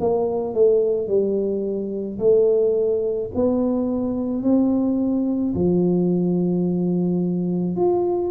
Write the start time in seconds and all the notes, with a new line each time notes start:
0.00 A#3
0.54 A3
1.07 G3
2.19 A3
3.35 B3
4.42 C4
5.54 F3
7.76 F4